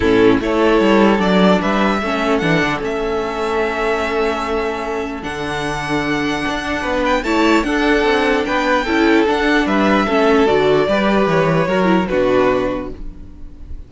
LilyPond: <<
  \new Staff \with { instrumentName = "violin" } { \time 4/4 \tempo 4 = 149 a'4 cis''2 d''4 | e''2 fis''4 e''4~ | e''1~ | e''4 fis''2.~ |
fis''4. g''8 a''4 fis''4~ | fis''4 g''2 fis''4 | e''2 d''2 | cis''2 b'2 | }
  \new Staff \with { instrumentName = "violin" } { \time 4/4 e'4 a'2. | b'4 a'2.~ | a'1~ | a'1~ |
a'4 b'4 cis''4 a'4~ | a'4 b'4 a'2 | b'4 a'2 b'4~ | b'4 ais'4 fis'2 | }
  \new Staff \with { instrumentName = "viola" } { \time 4/4 cis'4 e'2 d'4~ | d'4 cis'4 d'4 cis'4~ | cis'1~ | cis'4 d'2.~ |
d'2 e'4 d'4~ | d'2 e'4 d'4~ | d'4 cis'4 fis'4 g'4~ | g'4 fis'8 e'8 d'2 | }
  \new Staff \with { instrumentName = "cello" } { \time 4/4 a,4 a4 g4 fis4 | g4 a4 e8 d8 a4~ | a1~ | a4 d2. |
d'4 b4 a4 d'4 | c'4 b4 cis'4 d'4 | g4 a4 d4 g4 | e4 fis4 b,2 | }
>>